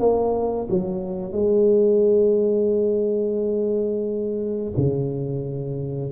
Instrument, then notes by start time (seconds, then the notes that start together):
tuba
0.00 A#3
0.70 F#3
1.32 G#3
4.77 C#3